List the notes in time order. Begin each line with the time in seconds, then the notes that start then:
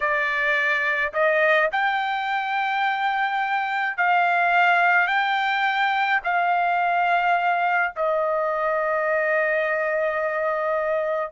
0.00 D5
1.13 D#5
1.72 G5
3.97 F5
5.07 G5
6.24 F5
7.96 D#5